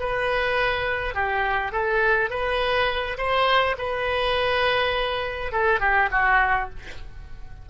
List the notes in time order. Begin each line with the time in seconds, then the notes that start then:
0.00 B4
1.14 G4
1.72 A4
2.30 B4
3.18 C5
3.78 B4
5.52 A4
5.80 G4
6.11 F#4